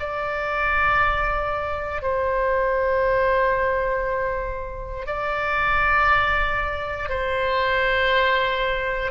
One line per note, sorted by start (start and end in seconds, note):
0.00 2.02 D5
2.02 5.07 C5
5.07 7.10 D5
7.10 9.12 C5